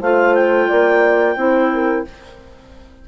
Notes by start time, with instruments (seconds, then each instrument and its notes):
0.00 bassoon A3, clarinet F4 F5, horn C5
0.35 clarinet G5
0.68 bassoon A#3, horn D5
1.36 bassoon C4, clarinet E4, horn C5
1.74 horn A#4